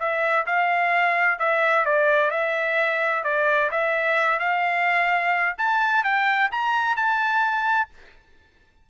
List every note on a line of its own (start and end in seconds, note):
0.00 0.47 E5
0.47 1.40 F5
1.40 1.86 E5
1.86 2.31 D5
2.31 3.24 E5
3.24 3.71 D5
3.71 4.40 E5
4.40 5.56 F5
5.59 6.04 A5
6.04 6.51 G5
6.52 6.97 A#5
6.97 7.90 A5